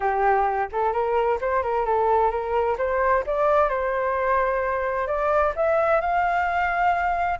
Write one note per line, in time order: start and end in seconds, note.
0.00 0.69 G4
0.72 0.92 A4
0.92 1.38 A#4
1.41 1.62 C5
1.62 1.85 A#4
1.85 2.30 A4
2.30 2.77 A#4
2.78 3.24 C5
3.26 3.69 D5
3.69 5.07 C5
5.07 5.53 D5
5.56 6.00 E5
6.00 7.39 F5